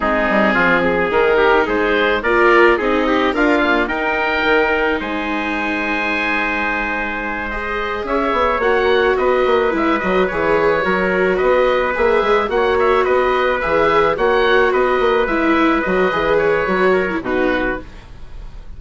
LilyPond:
<<
  \new Staff \with { instrumentName = "oboe" } { \time 4/4 \tempo 4 = 108 gis'2 ais'4 c''4 | d''4 dis''4 f''4 g''4~ | g''4 gis''2.~ | gis''4. dis''4 e''4 fis''8~ |
fis''8 dis''4 e''8 dis''8 cis''4.~ | cis''8 dis''4 e''4 fis''8 e''8 dis''8~ | dis''8 e''4 fis''4 dis''4 e''8~ | e''8 dis''4 cis''4. b'4 | }
  \new Staff \with { instrumentName = "trumpet" } { \time 4/4 dis'4 f'8 gis'4 g'8 gis'4 | ais'4 gis'8 g'8 f'4 ais'4~ | ais'4 c''2.~ | c''2~ c''8 cis''4.~ |
cis''8 b'2. ais'8~ | ais'8 b'2 cis''4 b'8~ | b'4. cis''4 b'4.~ | b'2~ b'8 ais'8 fis'4 | }
  \new Staff \with { instrumentName = "viola" } { \time 4/4 c'2 dis'2 | f'4 dis'4 ais'8 ais8 dis'4~ | dis'1~ | dis'4. gis'2 fis'8~ |
fis'4. e'8 fis'8 gis'4 fis'8~ | fis'4. gis'4 fis'4.~ | fis'8 gis'4 fis'2 e'8~ | e'8 fis'8 gis'4 fis'8. e'16 dis'4 | }
  \new Staff \with { instrumentName = "bassoon" } { \time 4/4 gis8 g8 f4 dis4 gis4 | ais4 c'4 d'4 dis'4 | dis4 gis2.~ | gis2~ gis8 cis'8 b8 ais8~ |
ais8 b8 ais8 gis8 fis8 e4 fis8~ | fis8 b4 ais8 gis8 ais4 b8~ | b8 e4 ais4 b8 ais8 gis8~ | gis8 fis8 e4 fis4 b,4 | }
>>